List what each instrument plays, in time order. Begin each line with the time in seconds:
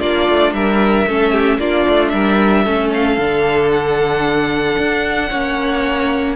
0.00 cello A#3, viola D4, violin F4 D5
0.29 cello A3
0.53 cello G3, violin A#4 E5
1.07 cello A3, viola C#4, violin A4
1.32 violin G4
1.58 cello A#3, viola D4, violin F4 D5
1.89 cello A3
2.09 cello G3, violin A#4 E5
2.64 cello A3, viola C#4, violin A4
2.93 violin F5
3.17 cello D3, viola D4
3.71 violin F#5
4.78 cello D4
5.29 cello A#3, viola C#4, violin C#5